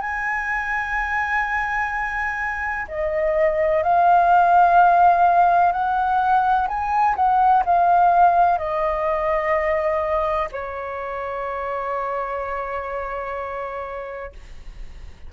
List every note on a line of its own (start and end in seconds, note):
0.00 2.86 G#5
2.88 3.83 D#5
3.83 5.72 F5
5.72 6.67 F#5
6.68 7.15 G#5
7.16 7.63 F#5
7.65 8.58 F5
8.58 10.48 D#5
10.52 14.32 C#5